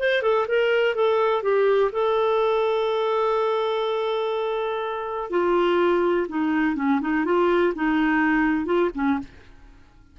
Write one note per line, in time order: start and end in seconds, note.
0.00 0.23 C5
0.23 0.47 A4
0.48 0.96 A#4
0.96 1.43 A4
1.43 1.91 G4
1.93 5.31 A4
5.31 6.27 F4
6.29 6.76 D#4
6.76 7.01 C#4
7.01 7.25 D#4
7.25 7.74 F4
7.75 8.66 D#4
8.66 8.90 F4
8.95 9.19 C#4